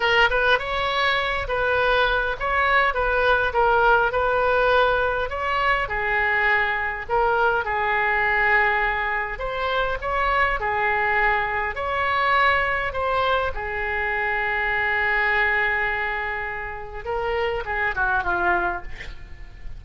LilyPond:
\new Staff \with { instrumentName = "oboe" } { \time 4/4 \tempo 4 = 102 ais'8 b'8 cis''4. b'4. | cis''4 b'4 ais'4 b'4~ | b'4 cis''4 gis'2 | ais'4 gis'2. |
c''4 cis''4 gis'2 | cis''2 c''4 gis'4~ | gis'1~ | gis'4 ais'4 gis'8 fis'8 f'4 | }